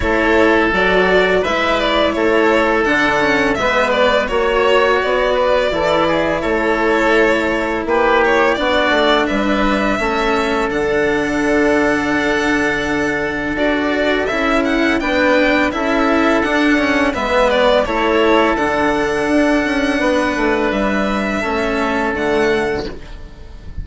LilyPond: <<
  \new Staff \with { instrumentName = "violin" } { \time 4/4 \tempo 4 = 84 cis''4 d''4 e''8 d''8 cis''4 | fis''4 e''8 d''8 cis''4 d''4~ | d''4 cis''2 b'8 cis''8 | d''4 e''2 fis''4~ |
fis''2. d''4 | e''8 fis''8 g''4 e''4 fis''4 | e''8 d''8 cis''4 fis''2~ | fis''4 e''2 fis''4 | }
  \new Staff \with { instrumentName = "oboe" } { \time 4/4 a'2 b'4 a'4~ | a'4 b'4 cis''4. b'8 | a'8 gis'8 a'2 g'4 | fis'4 b'4 a'2~ |
a'1~ | a'4 b'4 a'2 | b'4 a'2. | b'2 a'2 | }
  \new Staff \with { instrumentName = "cello" } { \time 4/4 e'4 fis'4 e'2 | d'8 cis'8 b4 fis'2 | e'1 | d'2 cis'4 d'4~ |
d'2. fis'4 | e'4 d'4 e'4 d'8 cis'8 | b4 e'4 d'2~ | d'2 cis'4 a4 | }
  \new Staff \with { instrumentName = "bassoon" } { \time 4/4 a4 fis4 gis4 a4 | d4 gis4 ais4 b4 | e4 a2 ais4 | b8 a8 g4 a4 d4~ |
d2. d'4 | cis'4 b4 cis'4 d'4 | gis4 a4 d4 d'8 cis'8 | b8 a8 g4 a4 d4 | }
>>